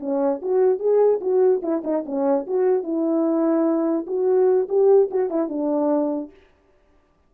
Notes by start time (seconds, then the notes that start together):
0.00 C#4
0.42 F#4
0.79 G#4
1.21 F#4
1.63 E4
1.84 D#4
2.06 C#4
2.47 F#4
2.83 E4
4.07 F#4
4.69 G4
5.11 F#4
5.30 E4
5.49 D4